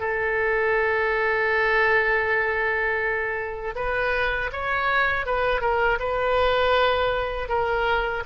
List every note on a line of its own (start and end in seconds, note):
0.00 3.75 A4
3.76 4.51 B4
4.52 5.26 C#5
5.26 5.61 B4
5.61 5.99 A#4
6.00 7.49 B4
7.49 8.24 A#4